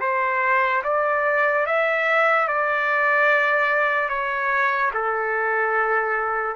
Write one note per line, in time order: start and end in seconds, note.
0.00 0.82 C5
0.84 1.66 D5
1.66 2.48 E5
2.48 4.09 D5
4.09 4.91 C#5
4.94 6.55 A4